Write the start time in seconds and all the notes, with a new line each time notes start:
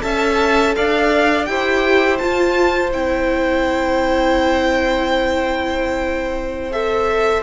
0.00 C#4 A4 E5 A5
0.75 D4 D5 F5
1.45 E4 G4 C5 G5
2.18 F4 A5
2.91 C4 E4 G5
6.71 A4 E5